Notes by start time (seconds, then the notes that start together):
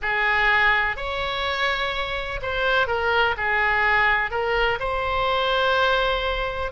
0.02 G#4
0.96 C#5
2.42 C5
2.87 A#4
3.37 G#4
4.30 A#4
4.79 C5